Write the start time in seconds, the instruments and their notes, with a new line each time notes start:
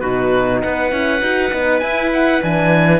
0.00 cello B2, horn D#4, clarinet F#4, oboe B4
0.62 cello B3, clarinet B4, oboe F#5
0.91 cello C#4, horn E4
1.22 cello D#4, horn F#4
1.52 cello B3, horn D#4
1.79 cello E4, horn E4, oboe G#5
2.13 oboe F#5
2.42 cello E3, horn D4, oboe G#5